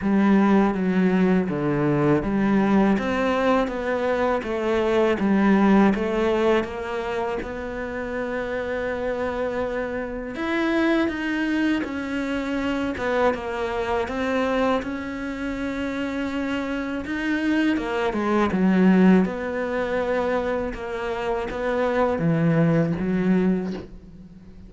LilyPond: \new Staff \with { instrumentName = "cello" } { \time 4/4 \tempo 4 = 81 g4 fis4 d4 g4 | c'4 b4 a4 g4 | a4 ais4 b2~ | b2 e'4 dis'4 |
cis'4. b8 ais4 c'4 | cis'2. dis'4 | ais8 gis8 fis4 b2 | ais4 b4 e4 fis4 | }